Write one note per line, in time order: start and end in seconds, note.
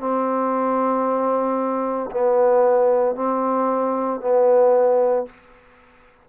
0.00 2.11 C4
2.11 3.16 B3
3.16 4.21 C4
4.21 5.26 B3